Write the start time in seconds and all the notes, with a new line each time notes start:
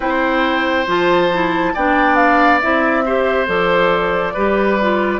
0.00 C4 E4 C5 G5
0.87 F3 F4 A5
1.32 E4
1.74 B3 D4 D5 G5
2.15 F5
2.60 C4 E4 E5
3.05 G4 C5
3.46 F3 A4 D5
4.33 G3 G4 B4
4.81 F4